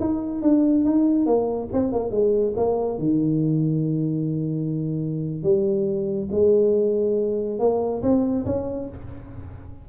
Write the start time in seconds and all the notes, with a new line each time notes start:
0.00 D#4
0.42 D4
0.85 D#4
1.26 A#3
1.73 C4
1.92 A#3
2.11 G#3
2.57 A#3
2.99 D#3
5.43 G3
6.31 G#3
7.59 A#3
8.02 C4
8.46 C#4